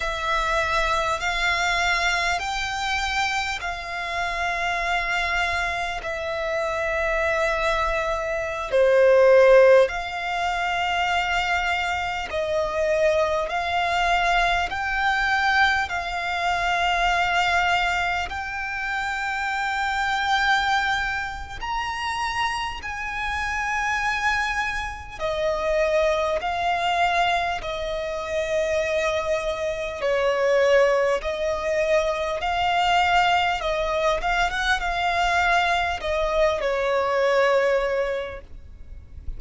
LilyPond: \new Staff \with { instrumentName = "violin" } { \time 4/4 \tempo 4 = 50 e''4 f''4 g''4 f''4~ | f''4 e''2~ e''16 c''8.~ | c''16 f''2 dis''4 f''8.~ | f''16 g''4 f''2 g''8.~ |
g''2 ais''4 gis''4~ | gis''4 dis''4 f''4 dis''4~ | dis''4 cis''4 dis''4 f''4 | dis''8 f''16 fis''16 f''4 dis''8 cis''4. | }